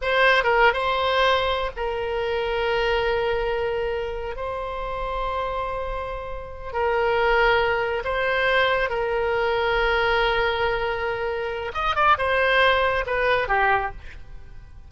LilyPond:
\new Staff \with { instrumentName = "oboe" } { \time 4/4 \tempo 4 = 138 c''4 ais'8. c''2~ c''16 | ais'1~ | ais'2 c''2~ | c''2.~ c''8 ais'8~ |
ais'2~ ais'8 c''4.~ | c''8 ais'2.~ ais'8~ | ais'2. dis''8 d''8 | c''2 b'4 g'4 | }